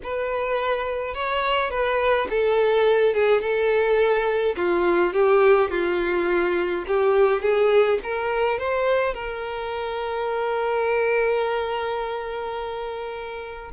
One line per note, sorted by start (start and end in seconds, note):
0.03 1.14 B4
1.14 1.70 C#5
1.70 2.27 B4
2.29 3.14 A4
3.14 3.41 G#4
3.41 4.55 A4
4.56 5.13 F4
5.13 5.70 G4
5.70 6.84 F4
6.87 7.42 G4
7.42 7.99 G#4
8.03 8.58 A#4
8.58 9.14 C5
9.14 13.71 A#4